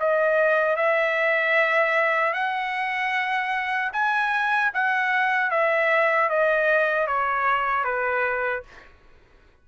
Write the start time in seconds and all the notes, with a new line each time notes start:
0.00 D#5
0.76 E5
2.34 F#5
3.93 G#5
4.74 F#5
5.51 E5
6.29 D#5
7.07 C#5
7.84 B4